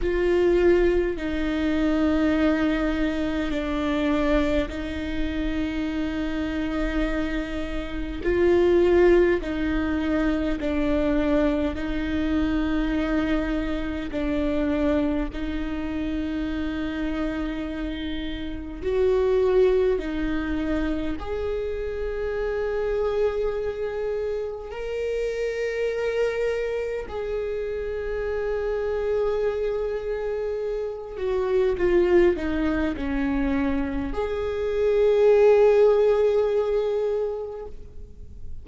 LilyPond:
\new Staff \with { instrumentName = "viola" } { \time 4/4 \tempo 4 = 51 f'4 dis'2 d'4 | dis'2. f'4 | dis'4 d'4 dis'2 | d'4 dis'2. |
fis'4 dis'4 gis'2~ | gis'4 ais'2 gis'4~ | gis'2~ gis'8 fis'8 f'8 dis'8 | cis'4 gis'2. | }